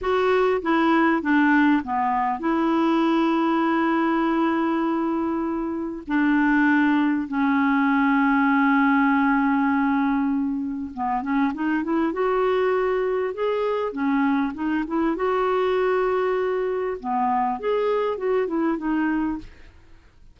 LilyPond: \new Staff \with { instrumentName = "clarinet" } { \time 4/4 \tempo 4 = 99 fis'4 e'4 d'4 b4 | e'1~ | e'2 d'2 | cis'1~ |
cis'2 b8 cis'8 dis'8 e'8 | fis'2 gis'4 cis'4 | dis'8 e'8 fis'2. | b4 gis'4 fis'8 e'8 dis'4 | }